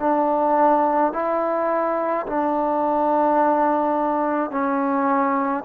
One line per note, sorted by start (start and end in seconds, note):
0.00 1.13 D4
1.13 2.26 E4
2.27 4.51 D4
4.51 5.64 C#4